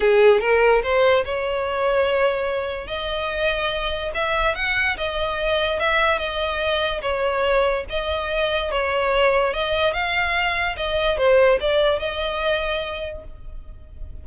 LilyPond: \new Staff \with { instrumentName = "violin" } { \time 4/4 \tempo 4 = 145 gis'4 ais'4 c''4 cis''4~ | cis''2. dis''4~ | dis''2 e''4 fis''4 | dis''2 e''4 dis''4~ |
dis''4 cis''2 dis''4~ | dis''4 cis''2 dis''4 | f''2 dis''4 c''4 | d''4 dis''2. | }